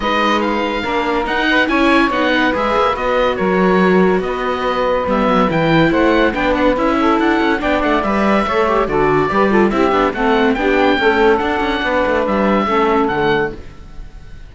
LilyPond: <<
  \new Staff \with { instrumentName = "oboe" } { \time 4/4 \tempo 4 = 142 dis''4 f''2 fis''4 | gis''4 fis''4 e''4 dis''4 | cis''2 dis''2 | e''4 g''4 fis''4 g''8 fis''8 |
e''4 fis''4 g''8 fis''8 e''4~ | e''4 d''2 e''4 | fis''4 g''2 fis''4~ | fis''4 e''2 fis''4 | }
  \new Staff \with { instrumentName = "saxophone" } { \time 4/4 b'2 ais'4. b'8 | cis''4. b'2~ b'8 | ais'2 b'2~ | b'2 c''4 b'4~ |
b'8 a'4. d''2 | cis''4 a'4 b'8 a'8 g'4 | a'4 g'4 a'2 | b'2 a'2 | }
  \new Staff \with { instrumentName = "viola" } { \time 4/4 dis'2 d'4 dis'4 | e'4 dis'4 gis'4 fis'4~ | fis'1 | b4 e'2 d'4 |
e'2 d'4 b'4 | a'8 g'8 fis'4 g'8 f'8 e'8 d'8 | c'4 d'4 a4 d'4~ | d'2 cis'4 a4 | }
  \new Staff \with { instrumentName = "cello" } { \time 4/4 gis2 ais4 dis'4 | cis'4 b4 gis8 ais8 b4 | fis2 b2 | g8 fis8 e4 a4 b4 |
cis'4 d'8 cis'8 b8 a8 g4 | a4 d4 g4 c'8 b8 | a4 b4 cis'4 d'8 cis'8 | b8 a8 g4 a4 d4 | }
>>